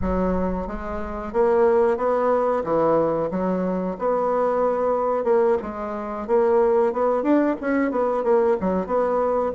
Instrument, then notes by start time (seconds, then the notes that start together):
bassoon
0.01 F#3
0.67 G#3
1.32 A#3
1.97 B3
2.63 E3
3.30 F#3
3.98 B3
5.24 A#3
5.62 G#3
6.27 A#3
6.92 B3
7.22 D4
7.61 C#4
7.91 B3
8.23 A#3
8.60 F#3
8.86 B3